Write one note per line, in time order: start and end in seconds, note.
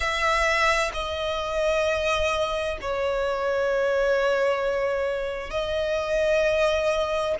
0.00 0.91 E5
0.93 2.78 D#5
2.81 5.50 C#5
5.50 7.35 D#5